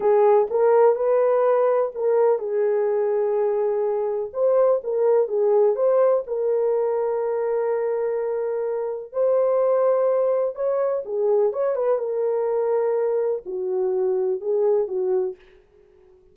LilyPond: \new Staff \with { instrumentName = "horn" } { \time 4/4 \tempo 4 = 125 gis'4 ais'4 b'2 | ais'4 gis'2.~ | gis'4 c''4 ais'4 gis'4 | c''4 ais'2.~ |
ais'2. c''4~ | c''2 cis''4 gis'4 | cis''8 b'8 ais'2. | fis'2 gis'4 fis'4 | }